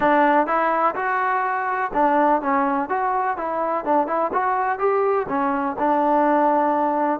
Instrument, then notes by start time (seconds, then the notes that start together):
trombone
0.00 D4
0.46 E4
0.95 F#4
1.93 D4
2.41 C#4
2.89 F#4
3.37 E4
3.84 D4
4.07 E4
4.32 F#4
4.78 G4
5.28 C#4
5.78 D4